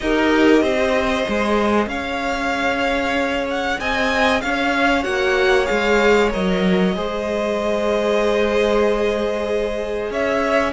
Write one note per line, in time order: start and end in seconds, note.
0.00 0.61 D#4
0.00 1.25 G4
0.00 0.62 A#4
0.00 1.88 D#5
0.61 1.24 C4
0.61 1.89 C5
1.25 1.86 G#3
1.25 5.03 G#4
1.86 3.76 C#4
1.86 3.79 C#5
1.86 3.46 F5
3.49 3.80 F#5
3.79 4.42 C4
3.79 4.42 D#5
3.79 4.41 G#5
4.41 5.05 C#4
4.41 6.95 C#5
4.41 5.03 F5
5.03 5.68 A#3
5.03 5.65 F#4
5.03 5.66 F#5
5.65 6.34 G#3
5.65 6.28 G#4
5.65 6.29 F5
6.31 6.96 F#3
6.31 6.94 A#4
6.31 10.12 D#5
6.94 10.10 G#3
6.94 10.73 G#4
6.94 10.11 C5
10.10 10.73 C#4
10.10 10.73 C#5
10.10 10.73 E5